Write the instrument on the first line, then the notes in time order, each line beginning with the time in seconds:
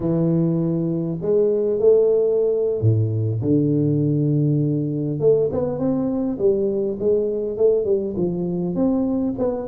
tuba
0.00 E3
1.21 G#3
1.79 A3
2.81 A2
3.41 D3
5.19 A3
5.51 B3
5.78 C4
6.38 G3
6.99 G#3
7.57 A3
7.84 G3
8.16 F3
8.75 C4
9.38 B3